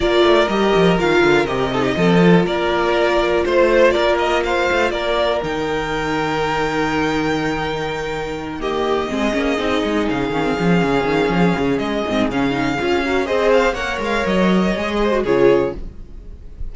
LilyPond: <<
  \new Staff \with { instrumentName = "violin" } { \time 4/4 \tempo 4 = 122 d''4 dis''4 f''4 dis''4~ | dis''4 d''2 c''4 | d''8 dis''8 f''4 d''4 g''4~ | g''1~ |
g''4. dis''2~ dis''8~ | dis''8 f''2.~ f''8 | dis''4 f''2 dis''8 f''8 | fis''8 f''8 dis''2 cis''4 | }
  \new Staff \with { instrumentName = "violin" } { \time 4/4 ais'2.~ ais'8 a'16 g'16 | a'4 ais'2 c''4 | ais'4 c''4 ais'2~ | ais'1~ |
ais'4. g'4 gis'4.~ | gis'1~ | gis'2~ gis'8 ais'8 c''4 | cis''2~ cis''8 c''8 gis'4 | }
  \new Staff \with { instrumentName = "viola" } { \time 4/4 f'4 g'4 f'4 g'8 dis'8 | c'8 f'2.~ f'8~ | f'2. dis'4~ | dis'1~ |
dis'4. ais4 c'8 cis'8 dis'8~ | dis'4 cis'16 c'16 cis'2~ cis'8~ | cis'8 c'8 cis'8 dis'8 f'8 fis'8 gis'4 | ais'2 gis'8. fis'16 f'4 | }
  \new Staff \with { instrumentName = "cello" } { \time 4/4 ais8 a8 g8 f8 dis8 d8 c4 | f4 ais2 a4 | ais4. a8 ais4 dis4~ | dis1~ |
dis2~ dis8 gis8 ais8 c'8 | gis8 cis8 dis8 f8 cis8 dis8 f8 cis8 | gis8 gis,8 cis4 cis'4 c'4 | ais8 gis8 fis4 gis4 cis4 | }
>>